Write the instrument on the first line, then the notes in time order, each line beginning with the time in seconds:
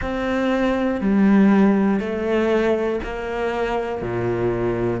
cello
0.01 C4
1.00 G3
2.00 A3
3.03 A#3
4.01 A#2